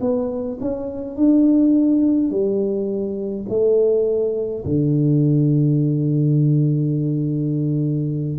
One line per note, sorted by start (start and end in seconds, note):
0.00 0.58 B3
0.60 1.16 C#4
1.16 2.30 D4
2.30 3.45 G3
3.48 4.64 A3
4.65 8.38 D3